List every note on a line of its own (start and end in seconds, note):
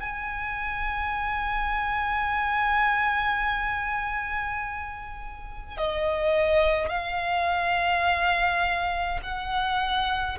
0.00 5.77 G#5
5.77 6.89 D#5
6.89 9.19 F5
9.22 10.37 F#5